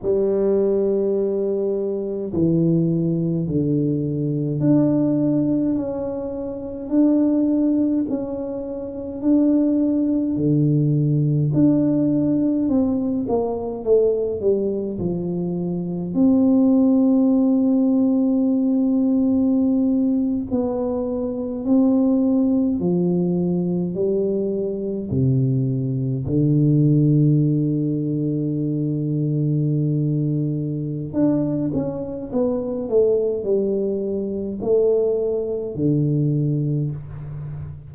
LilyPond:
\new Staff \with { instrumentName = "tuba" } { \time 4/4 \tempo 4 = 52 g2 e4 d4 | d'4 cis'4 d'4 cis'4 | d'4 d4 d'4 c'8 ais8 | a8 g8 f4 c'2~ |
c'4.~ c'16 b4 c'4 f16~ | f8. g4 c4 d4~ d16~ | d2. d'8 cis'8 | b8 a8 g4 a4 d4 | }